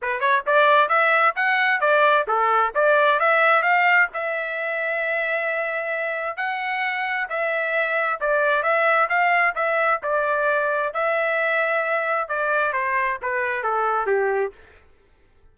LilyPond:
\new Staff \with { instrumentName = "trumpet" } { \time 4/4 \tempo 4 = 132 b'8 cis''8 d''4 e''4 fis''4 | d''4 a'4 d''4 e''4 | f''4 e''2.~ | e''2 fis''2 |
e''2 d''4 e''4 | f''4 e''4 d''2 | e''2. d''4 | c''4 b'4 a'4 g'4 | }